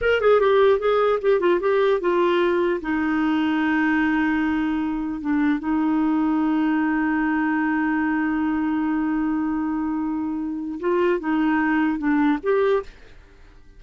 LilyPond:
\new Staff \with { instrumentName = "clarinet" } { \time 4/4 \tempo 4 = 150 ais'8 gis'8 g'4 gis'4 g'8 f'8 | g'4 f'2 dis'4~ | dis'1~ | dis'4 d'4 dis'2~ |
dis'1~ | dis'1~ | dis'2. f'4 | dis'2 d'4 g'4 | }